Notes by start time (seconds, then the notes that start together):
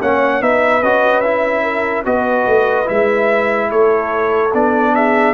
0.00 A#3 C#4 C#5 F#5
0.40 B3 D#4 B4 E5
0.82 C#4 F#4 D#5
1.20 E4 E5
1.62 A#4
2.04 B3 F#4 B4 D#5
2.46 A3
2.85 G#3 E4 E5
3.69 A3 A4 C#5
4.53 B3 D4 D5
4.94 G#4 E5